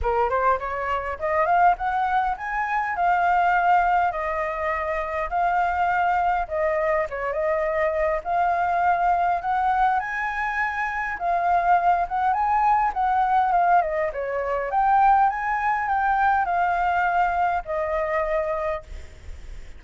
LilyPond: \new Staff \with { instrumentName = "flute" } { \time 4/4 \tempo 4 = 102 ais'8 c''8 cis''4 dis''8 f''8 fis''4 | gis''4 f''2 dis''4~ | dis''4 f''2 dis''4 | cis''8 dis''4. f''2 |
fis''4 gis''2 f''4~ | f''8 fis''8 gis''4 fis''4 f''8 dis''8 | cis''4 g''4 gis''4 g''4 | f''2 dis''2 | }